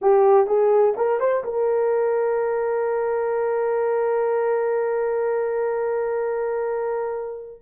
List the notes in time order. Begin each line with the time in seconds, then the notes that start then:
0.01 G4
0.46 G#4
0.97 A#4
1.19 C5
1.44 A#4